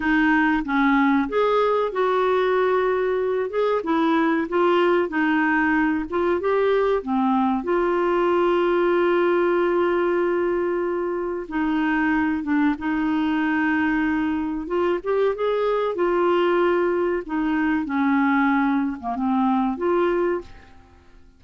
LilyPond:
\new Staff \with { instrumentName = "clarinet" } { \time 4/4 \tempo 4 = 94 dis'4 cis'4 gis'4 fis'4~ | fis'4. gis'8 e'4 f'4 | dis'4. f'8 g'4 c'4 | f'1~ |
f'2 dis'4. d'8 | dis'2. f'8 g'8 | gis'4 f'2 dis'4 | cis'4.~ cis'16 ais16 c'4 f'4 | }